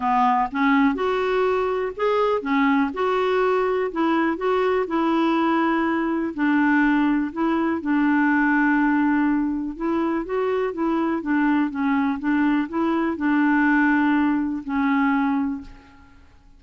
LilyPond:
\new Staff \with { instrumentName = "clarinet" } { \time 4/4 \tempo 4 = 123 b4 cis'4 fis'2 | gis'4 cis'4 fis'2 | e'4 fis'4 e'2~ | e'4 d'2 e'4 |
d'1 | e'4 fis'4 e'4 d'4 | cis'4 d'4 e'4 d'4~ | d'2 cis'2 | }